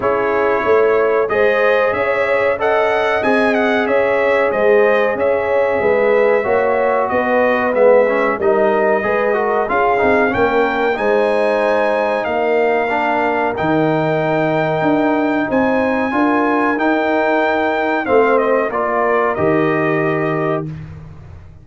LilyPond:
<<
  \new Staff \with { instrumentName = "trumpet" } { \time 4/4 \tempo 4 = 93 cis''2 dis''4 e''4 | fis''4 gis''8 fis''8 e''4 dis''4 | e''2. dis''4 | e''4 dis''2 f''4 |
g''4 gis''2 f''4~ | f''4 g''2. | gis''2 g''2 | f''8 dis''8 d''4 dis''2 | }
  \new Staff \with { instrumentName = "horn" } { \time 4/4 gis'4 cis''4 c''4 cis''4 | dis''2 cis''4 c''4 | cis''4 b'4 cis''4 b'4~ | b'4 ais'4 b'8 ais'8 gis'4 |
ais'4 c''2 ais'4~ | ais'1 | c''4 ais'2. | c''4 ais'2. | }
  \new Staff \with { instrumentName = "trombone" } { \time 4/4 e'2 gis'2 | a'4 gis'2.~ | gis'2 fis'2 | b8 cis'8 dis'4 gis'8 fis'8 f'8 dis'8 |
cis'4 dis'2. | d'4 dis'2.~ | dis'4 f'4 dis'2 | c'4 f'4 g'2 | }
  \new Staff \with { instrumentName = "tuba" } { \time 4/4 cis'4 a4 gis4 cis'4~ | cis'4 c'4 cis'4 gis4 | cis'4 gis4 ais4 b4 | gis4 g4 gis4 cis'8 c'8 |
ais4 gis2 ais4~ | ais4 dis2 d'4 | c'4 d'4 dis'2 | a4 ais4 dis2 | }
>>